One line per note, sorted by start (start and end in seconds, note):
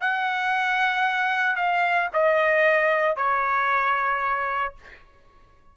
0.00 1.56 F#5
1.56 2.08 F5
2.13 3.16 D#5
3.16 4.74 C#5